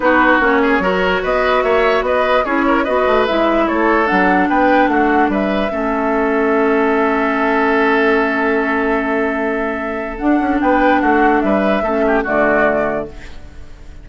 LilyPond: <<
  \new Staff \with { instrumentName = "flute" } { \time 4/4 \tempo 4 = 147 b'4 cis''2 dis''4 | e''4 dis''4 cis''4 dis''4 | e''4 cis''4 fis''4 g''4 | fis''4 e''2.~ |
e''1~ | e''1~ | e''4 fis''4 g''4 fis''4 | e''2 d''2 | }
  \new Staff \with { instrumentName = "oboe" } { \time 4/4 fis'4. gis'8 ais'4 b'4 | cis''4 b'4 gis'8 ais'8 b'4~ | b'4 a'2 b'4 | fis'4 b'4 a'2~ |
a'1~ | a'1~ | a'2 b'4 fis'4 | b'4 a'8 g'8 fis'2 | }
  \new Staff \with { instrumentName = "clarinet" } { \time 4/4 dis'4 cis'4 fis'2~ | fis'2 e'4 fis'4 | e'2 d'2~ | d'2 cis'2~ |
cis'1~ | cis'1~ | cis'4 d'2.~ | d'4 cis'4 a2 | }
  \new Staff \with { instrumentName = "bassoon" } { \time 4/4 b4 ais4 fis4 b4 | ais4 b4 cis'4 b8 a8 | gis4 a4 fis4 b4 | a4 g4 a2~ |
a1~ | a1~ | a4 d'8 cis'8 b4 a4 | g4 a4 d2 | }
>>